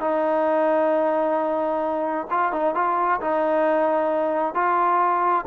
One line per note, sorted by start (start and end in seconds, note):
0.00 2.27 D#4
2.31 2.53 F4
2.53 2.75 D#4
2.75 3.20 F4
3.21 4.55 D#4
4.55 5.45 F4